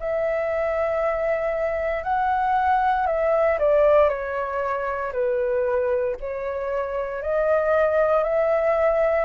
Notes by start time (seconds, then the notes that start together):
0.00 E5
2.04 F#5
3.07 E5
3.59 D5
4.09 C#5
5.13 B4
6.20 C#5
7.23 D#5
8.24 E5